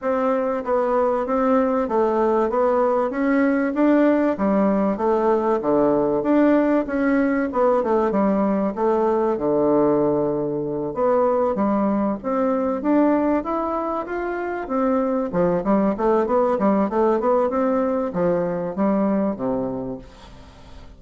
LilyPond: \new Staff \with { instrumentName = "bassoon" } { \time 4/4 \tempo 4 = 96 c'4 b4 c'4 a4 | b4 cis'4 d'4 g4 | a4 d4 d'4 cis'4 | b8 a8 g4 a4 d4~ |
d4. b4 g4 c'8~ | c'8 d'4 e'4 f'4 c'8~ | c'8 f8 g8 a8 b8 g8 a8 b8 | c'4 f4 g4 c4 | }